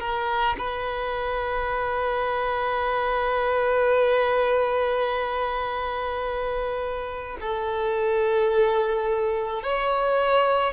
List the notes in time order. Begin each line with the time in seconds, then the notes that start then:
0.00 A#4
0.58 B4
7.41 A4
9.63 C#5